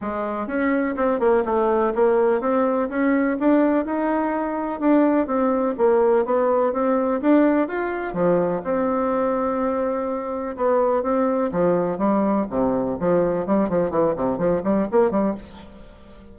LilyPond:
\new Staff \with { instrumentName = "bassoon" } { \time 4/4 \tempo 4 = 125 gis4 cis'4 c'8 ais8 a4 | ais4 c'4 cis'4 d'4 | dis'2 d'4 c'4 | ais4 b4 c'4 d'4 |
f'4 f4 c'2~ | c'2 b4 c'4 | f4 g4 c4 f4 | g8 f8 e8 c8 f8 g8 ais8 g8 | }